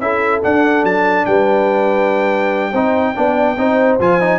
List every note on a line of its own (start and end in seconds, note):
0.00 0.42 C#4
0.00 0.43 E4
0.00 1.28 A4
0.00 0.42 E5
0.43 2.73 D4
0.43 0.84 D4
0.43 0.85 F#5
0.84 1.26 F#3
0.84 1.26 A5
1.26 2.74 G3
1.26 2.72 B4
1.26 3.98 G5
2.72 3.16 C4
2.72 3.15 D#4
2.72 3.14 C5
3.15 3.57 B3
3.15 3.57 D4
3.15 3.57 D5
3.57 3.99 C4
3.57 4.00 D#4
3.57 4.39 C5
4.00 4.39 F3
4.00 4.21 F4
4.00 4.39 G#5
4.21 4.39 D#4